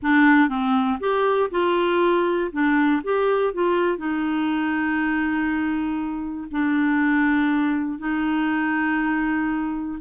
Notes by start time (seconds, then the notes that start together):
0.02 D4
0.49 C4
1.00 G4
1.50 F4
2.52 D4
3.03 G4
3.53 F4
3.97 D#4
6.51 D4
7.98 D#4